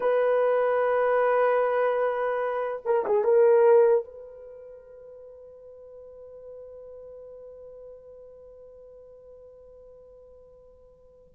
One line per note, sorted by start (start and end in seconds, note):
0.00 2.82 B4
2.85 3.05 A#4
3.06 3.24 G#4
3.24 4.04 A#4
4.04 11.34 B4